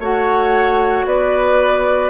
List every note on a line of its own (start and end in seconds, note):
0.00 1.05 A3
0.00 2.10 F#4
0.00 1.05 C#5
0.00 1.07 F#5
1.06 2.10 B3
1.06 2.10 B4
1.06 2.10 D5